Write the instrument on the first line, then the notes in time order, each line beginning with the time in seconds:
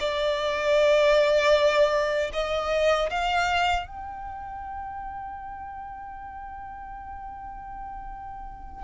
violin
0.00 D5
2.33 D#5
3.11 F5
3.87 G5